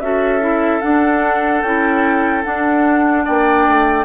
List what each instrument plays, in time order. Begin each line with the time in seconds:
0.00 bassoon C#4, clarinet F#4, oboe A4, flute E5
0.40 clarinet E4
0.81 clarinet D4, bassoon D4, flute F#5
1.62 bassoon C#4, clarinet E4, flute G5
2.43 clarinet D4, bassoon D4, flute F#5
3.24 bassoon A#3, oboe D5, flute G5
3.68 bassoon A3